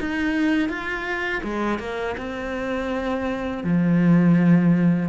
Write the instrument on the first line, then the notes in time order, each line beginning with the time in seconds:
cello
0.00 D#4
0.69 F4
1.43 G#3
1.79 A#3
2.18 C4
3.64 F3